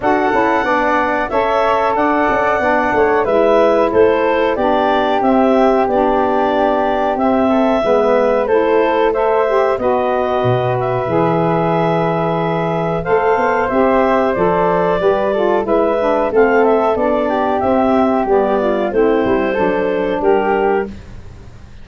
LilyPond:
<<
  \new Staff \with { instrumentName = "clarinet" } { \time 4/4 \tempo 4 = 92 fis''2 e''4 fis''4~ | fis''4 e''4 c''4 d''4 | e''4 d''2 e''4~ | e''4 c''4 e''4 dis''4~ |
dis''8 e''2.~ e''8 | f''4 e''4 d''2 | e''4 f''8 e''8 d''4 e''4 | d''4 c''2 ais'4 | }
  \new Staff \with { instrumentName = "flute" } { \time 4/4 a'4 d''4 cis''4 d''4~ | d''8 cis''8 b'4 a'4 g'4~ | g'2.~ g'8 a'8 | b'4 a'4 c''4 b'4~ |
b'1 | c''2. b'8 a'8 | b'4 a'4. g'4.~ | g'8 f'8 e'4 a'4 g'4 | }
  \new Staff \with { instrumentName = "saxophone" } { \time 4/4 fis'8 e'8 d'4 a'2 | d'4 e'2 d'4 | c'4 d'2 c'4 | b4 e'4 a'8 g'8 fis'4~ |
fis'4 gis'2. | a'4 g'4 a'4 g'8 f'8 | e'8 d'8 c'4 d'4 c'4 | b4 c'4 d'2 | }
  \new Staff \with { instrumentName = "tuba" } { \time 4/4 d'8 cis'8 b4 cis'4 d'8 cis'8 | b8 a8 gis4 a4 b4 | c'4 b2 c'4 | gis4 a2 b4 |
b,4 e2. | a8 b8 c'4 f4 g4 | gis4 a4 b4 c'4 | g4 a8 g8 fis4 g4 | }
>>